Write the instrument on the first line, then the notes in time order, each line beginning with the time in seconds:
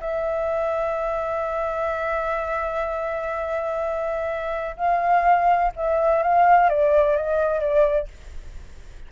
flute
0.00 E5
4.77 F5
5.76 E5
6.23 F5
6.69 D5
7.16 D#5
7.60 D5